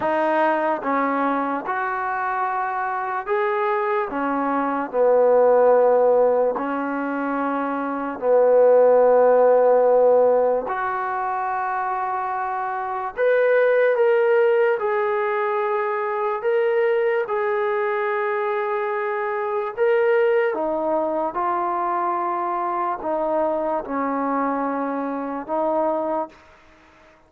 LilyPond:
\new Staff \with { instrumentName = "trombone" } { \time 4/4 \tempo 4 = 73 dis'4 cis'4 fis'2 | gis'4 cis'4 b2 | cis'2 b2~ | b4 fis'2. |
b'4 ais'4 gis'2 | ais'4 gis'2. | ais'4 dis'4 f'2 | dis'4 cis'2 dis'4 | }